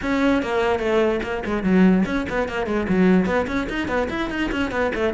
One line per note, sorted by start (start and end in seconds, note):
0.02 0.42 C#4
0.42 0.79 A#3
0.79 1.20 A3
1.22 1.43 A#3
1.45 1.63 G#3
1.63 2.04 F#3
2.05 2.26 C#4
2.29 2.48 B3
2.48 2.66 A#3
2.66 2.87 G#3
2.89 3.26 F#3
3.26 3.46 B3
3.47 3.67 C#4
3.69 3.88 D#4
3.88 4.08 B3
4.09 4.30 E4
4.30 4.50 D#4
4.51 4.71 C#4
4.71 4.91 B3
4.94 5.13 A3